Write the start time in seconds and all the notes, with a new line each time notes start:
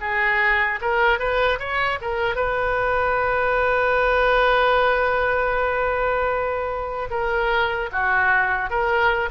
0.00 G#4
0.81 A#4
1.19 B4
1.59 C#5
2.01 A#4
2.35 B4
7.10 A#4
7.92 F#4
8.69 A#4